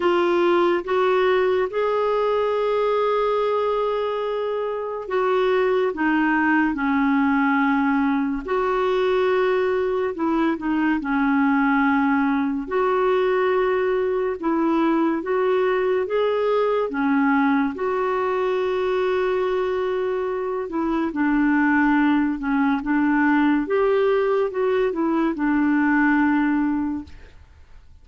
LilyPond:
\new Staff \with { instrumentName = "clarinet" } { \time 4/4 \tempo 4 = 71 f'4 fis'4 gis'2~ | gis'2 fis'4 dis'4 | cis'2 fis'2 | e'8 dis'8 cis'2 fis'4~ |
fis'4 e'4 fis'4 gis'4 | cis'4 fis'2.~ | fis'8 e'8 d'4. cis'8 d'4 | g'4 fis'8 e'8 d'2 | }